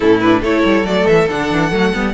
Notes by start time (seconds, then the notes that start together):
0.00 A2 C#4 E4 A4
0.20 D4 B4
0.40 A3 E4 A4 C#5
0.64 G3
0.83 F#3 A3 D5
1.07 E3 E5
1.30 D3 D4 F#5
1.51 E3
1.71 F#3 A3
1.93 G3 B3